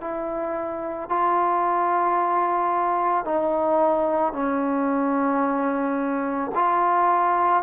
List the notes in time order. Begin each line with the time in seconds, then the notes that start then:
0.00 E4
1.09 F4
3.24 D#4
4.32 C#4
6.55 F4